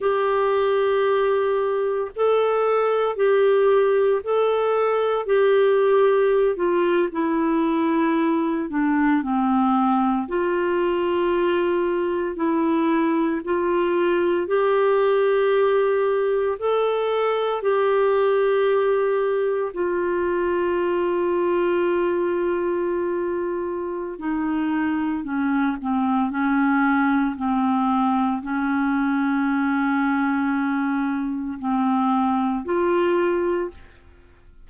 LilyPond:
\new Staff \with { instrumentName = "clarinet" } { \time 4/4 \tempo 4 = 57 g'2 a'4 g'4 | a'4 g'4~ g'16 f'8 e'4~ e'16~ | e'16 d'8 c'4 f'2 e'16~ | e'8. f'4 g'2 a'16~ |
a'8. g'2 f'4~ f'16~ | f'2. dis'4 | cis'8 c'8 cis'4 c'4 cis'4~ | cis'2 c'4 f'4 | }